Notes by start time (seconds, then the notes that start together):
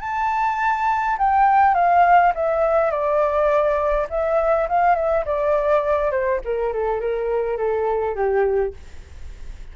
0.00 A5
1.18 G5
1.74 F5
2.35 E5
2.90 D5
4.09 E5
4.68 F5
4.95 E5
5.25 D5
6.11 C5
6.44 A#4
6.73 A4
7.00 A#4
7.57 A4
8.15 G4